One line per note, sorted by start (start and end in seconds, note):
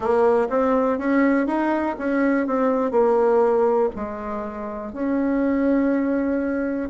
0.00 0.48 A#3
0.49 0.98 C4
0.98 1.47 C#4
1.47 1.96 D#4
1.98 2.46 C#4
2.46 2.91 C4
2.91 3.89 A#3
3.95 4.92 G#3
4.92 6.89 C#4